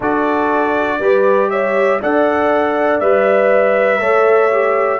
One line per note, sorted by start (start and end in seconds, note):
0.00 0.99 D4
0.00 1.00 F#4
0.00 0.98 A4
0.00 1.50 D5
0.99 1.99 G3
0.99 2.00 G4
0.99 1.49 B4
1.50 2.00 C#5
1.50 2.00 E5
2.00 3.00 D4
2.00 3.01 A4
2.00 4.00 D5
2.00 3.00 F#5
3.00 4.00 G3
3.00 4.00 B4
3.00 4.99 E5
4.00 4.99 A3
4.00 4.50 A4
4.00 4.99 C#5
4.51 4.99 G4